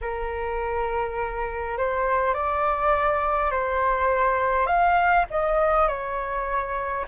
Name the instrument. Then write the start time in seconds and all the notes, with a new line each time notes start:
flute
0.01 A#4
1.77 C5
2.34 D5
3.51 C5
4.66 F5
5.30 D#5
5.88 C#5